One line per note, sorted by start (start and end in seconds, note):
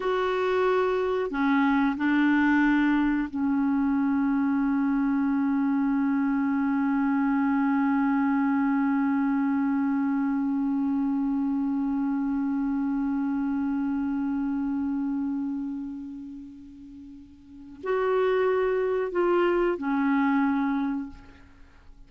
0.00 1.30 F#4
1.30 1.96 C#4
1.96 3.28 D4
3.30 17.80 C#4
17.83 19.11 F#4
19.11 19.77 F4
19.77 21.09 C#4